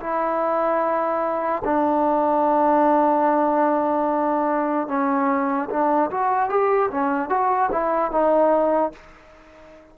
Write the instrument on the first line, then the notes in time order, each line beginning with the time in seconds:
trombone
0.00 E4
1.64 D4
4.88 C#4
5.69 D4
6.10 F#4
6.49 G4
6.90 C#4
7.29 F#4
7.71 E4
8.11 D#4